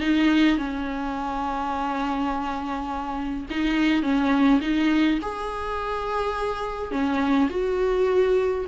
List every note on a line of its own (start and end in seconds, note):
0.00 0.58 D#4
0.58 3.46 C#4
3.50 4.02 D#4
4.02 4.60 C#4
4.61 5.19 D#4
5.22 6.91 G#4
6.91 7.49 C#4
7.50 8.65 F#4